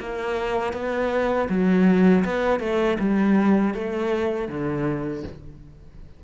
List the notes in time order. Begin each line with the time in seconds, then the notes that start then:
0.00 A#3
0.73 B3
1.49 F#3
2.24 B3
2.60 A3
2.99 G3
3.74 A3
4.48 D3